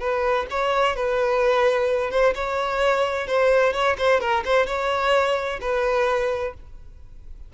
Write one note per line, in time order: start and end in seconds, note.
0.00 0.47 B4
0.51 0.96 C#5
0.96 2.11 B4
2.11 2.34 C5
2.35 3.27 C#5
3.27 3.73 C5
3.73 3.96 C#5
3.98 4.21 C5
4.21 4.44 A#4
4.45 4.67 C5
4.67 5.60 C#5
5.61 6.54 B4